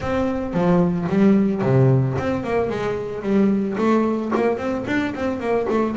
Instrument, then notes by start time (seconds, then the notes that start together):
double bass
0.00 C4
0.53 F3
1.08 G3
1.61 C3
2.18 C4
2.43 A#3
2.69 G#3
3.22 G3
3.77 A3
4.35 A#3
4.57 C4
4.86 D4
5.14 C4
5.40 A#3
5.69 A3